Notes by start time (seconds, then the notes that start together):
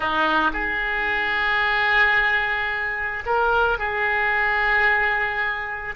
0.00 D#4
0.53 G#4
3.26 A#4
3.78 G#4